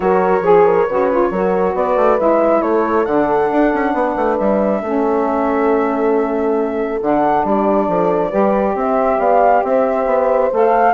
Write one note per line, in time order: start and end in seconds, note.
0.00 0.40 F#3
0.00 0.41 F#4
0.00 0.44 A#4
0.00 1.74 C#5
0.40 0.84 F3
0.40 0.86 G#4
0.40 0.65 G#4
0.65 0.86 A#4
0.86 1.30 C#3
0.86 1.11 F#4
0.86 1.30 B4
1.11 1.33 F4
1.30 1.74 F#3
1.30 2.18 F#4
1.30 1.74 A#4
1.74 1.96 B3
1.74 2.61 B4
1.74 2.19 D5
1.96 2.18 A3
2.18 2.61 G#3
2.18 3.05 E4
2.18 2.61 E5
2.61 3.05 A3
2.61 3.92 A4
2.61 3.05 C#5
3.05 3.50 D3
3.05 4.83 D4
3.05 4.36 F#5
3.51 3.73 D4
3.73 3.93 C#4
3.93 4.15 B3
3.93 4.81 B4
4.16 4.37 A3
4.37 4.81 G3
4.37 6.99 E5
4.81 7.00 A3
4.81 7.01 C#4
4.81 7.44 A4
7.01 7.44 D3
7.01 8.30 D4
7.01 7.45 F#5
7.44 7.88 G3
7.44 7.87 G4
7.44 8.77 D5
7.88 8.32 F3
7.88 8.29 A4
8.29 8.75 G3
8.29 10.49 G4
8.29 8.73 B4
8.75 9.18 C4
8.75 9.19 C5
8.75 9.19 E5
9.18 9.62 B3
9.18 9.62 D5
9.18 9.63 F5
9.62 10.06 C4
9.62 10.93 C5
9.62 10.52 E5
10.06 10.49 B3
10.52 10.93 A3
10.52 10.93 A4
10.52 10.93 F5